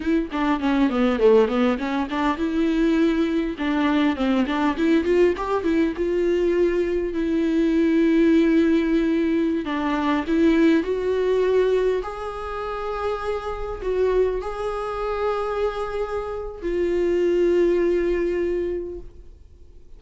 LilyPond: \new Staff \with { instrumentName = "viola" } { \time 4/4 \tempo 4 = 101 e'8 d'8 cis'8 b8 a8 b8 cis'8 d'8 | e'2 d'4 c'8 d'8 | e'8 f'8 g'8 e'8 f'2 | e'1~ |
e'16 d'4 e'4 fis'4.~ fis'16~ | fis'16 gis'2. fis'8.~ | fis'16 gis'2.~ gis'8. | f'1 | }